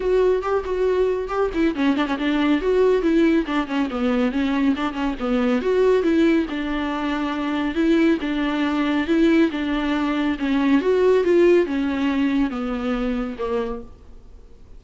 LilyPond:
\new Staff \with { instrumentName = "viola" } { \time 4/4 \tempo 4 = 139 fis'4 g'8 fis'4. g'8 e'8 | cis'8 d'16 cis'16 d'4 fis'4 e'4 | d'8 cis'8 b4 cis'4 d'8 cis'8 | b4 fis'4 e'4 d'4~ |
d'2 e'4 d'4~ | d'4 e'4 d'2 | cis'4 fis'4 f'4 cis'4~ | cis'4 b2 ais4 | }